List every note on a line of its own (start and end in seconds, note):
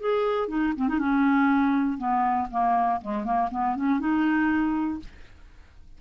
0.00 0.48 G#4
0.48 0.73 D#4
0.76 0.88 C4
0.88 0.99 D#4
0.99 1.98 C#4
1.98 2.48 B3
2.51 3.01 A#3
3.01 3.24 G#3
3.24 3.49 A#3
3.51 3.76 B3
3.76 4.00 C#4
4.00 5.00 D#4